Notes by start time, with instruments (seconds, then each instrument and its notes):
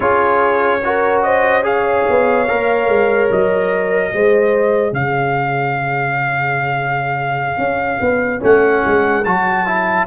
0.00 tuba C#4, trombone F4, horn G#4, trumpet C#5
0.84 trombone F#4, horn A#4
1.22 horn C5, trumpet D#5
1.62 trombone G#4, horn C#5, trumpet F5
2.09 tuba B3
2.48 tuba A#3, trombone A#4
2.88 tuba G#3
3.30 tuba F#3, trumpet D#5
4.12 tuba G#3, trombone G#4, horn C5
4.92 tuba C#3, horn C#5, trumpet F5
7.57 tuba C#4
8.00 tuba B3
8.40 tuba A3, trombone C#4, trumpet F#5
8.85 tuba G#3
9.24 tuba F#3, trombone F#4, trumpet A5
9.66 trombone E4